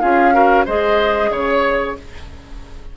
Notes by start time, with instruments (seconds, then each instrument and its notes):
0.00 bassoon C#4, clarinet F4, oboe G#4, flute F5
0.32 clarinet F#4, oboe A#4
0.65 bassoon G#3, clarinet G#4, oboe C5, flute D#5
1.30 bassoon C#3, flute C#5, oboe C#5